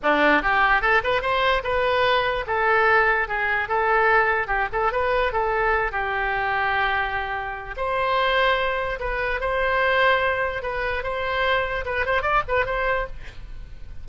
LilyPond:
\new Staff \with { instrumentName = "oboe" } { \time 4/4 \tempo 4 = 147 d'4 g'4 a'8 b'8 c''4 | b'2 a'2 | gis'4 a'2 g'8 a'8 | b'4 a'4. g'4.~ |
g'2. c''4~ | c''2 b'4 c''4~ | c''2 b'4 c''4~ | c''4 b'8 c''8 d''8 b'8 c''4 | }